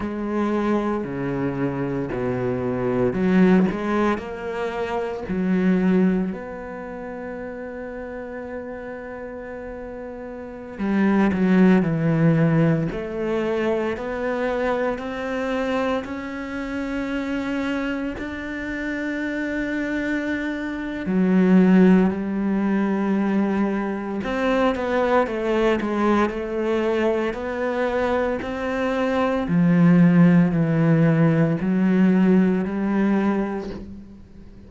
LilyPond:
\new Staff \with { instrumentName = "cello" } { \time 4/4 \tempo 4 = 57 gis4 cis4 b,4 fis8 gis8 | ais4 fis4 b2~ | b2~ b16 g8 fis8 e8.~ | e16 a4 b4 c'4 cis'8.~ |
cis'4~ cis'16 d'2~ d'8. | fis4 g2 c'8 b8 | a8 gis8 a4 b4 c'4 | f4 e4 fis4 g4 | }